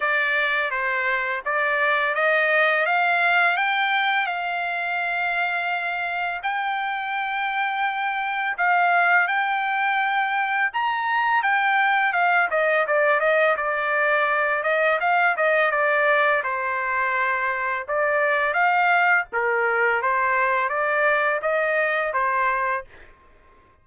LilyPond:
\new Staff \with { instrumentName = "trumpet" } { \time 4/4 \tempo 4 = 84 d''4 c''4 d''4 dis''4 | f''4 g''4 f''2~ | f''4 g''2. | f''4 g''2 ais''4 |
g''4 f''8 dis''8 d''8 dis''8 d''4~ | d''8 dis''8 f''8 dis''8 d''4 c''4~ | c''4 d''4 f''4 ais'4 | c''4 d''4 dis''4 c''4 | }